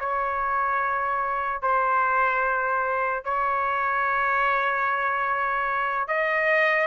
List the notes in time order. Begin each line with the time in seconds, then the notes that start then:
0.00 C#5
1.62 C5
3.24 C#5
6.08 D#5